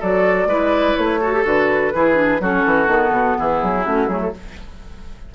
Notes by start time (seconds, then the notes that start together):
0.00 F#3 F#4 A4 D5
0.46 G#3 E4 B4
0.97 A3 C#5
1.21 F#4 A4
1.34 G4
1.44 D3 F#4 B4
1.95 E3 E4 G#4
2.15 D4
2.40 F#3 C#4 F#4 A4
2.66 E3
2.88 D#3 B3
3.11 B2
3.39 E3 E4 G#4
3.63 F#3
3.85 A3 C#4 F#4
4.08 F#3 A3 G#4
4.22 A4